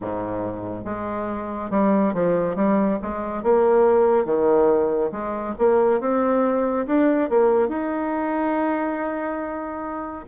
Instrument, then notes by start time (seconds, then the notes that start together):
bassoon
0.00 G#2
0.84 G#3
1.70 G3
2.13 F3
2.55 G3
3.02 G#3
3.43 A#3
4.25 D#3
5.11 G#3
5.58 A#3
6.00 C4
6.86 D4
7.29 A#3
7.68 D#4